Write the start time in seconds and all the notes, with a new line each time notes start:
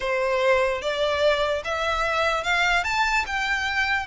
0.00 C5
0.81 D5
1.64 E5
2.43 F5
2.84 A5
3.26 G5